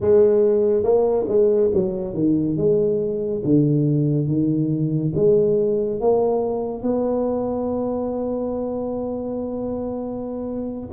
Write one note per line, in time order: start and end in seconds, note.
0.00 0.83 G#3
0.83 1.26 A#3
1.28 1.71 G#3
1.74 2.14 F#3
2.14 2.57 D#3
2.57 3.42 G#3
3.44 4.27 D3
4.27 5.13 D#3
5.15 6.00 G#3
6.00 6.82 A#3
6.82 10.89 B3